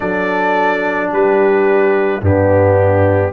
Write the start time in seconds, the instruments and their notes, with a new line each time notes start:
0.00 tuba F#3, trombone D4, horn A4, trumpet D5
1.11 tuba G3, horn G4, trumpet B4
2.21 tuba G2, trombone B3, horn D4, trumpet G4